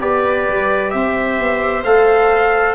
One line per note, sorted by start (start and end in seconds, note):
0.00 0.48 B3
0.00 1.85 G4
0.00 0.93 B4
0.00 0.91 D5
0.49 0.94 G3
0.91 1.40 C4
0.91 2.75 C5
0.91 1.83 E5
1.40 1.84 B3
1.84 2.75 A3
1.84 2.75 A4
1.84 2.75 F5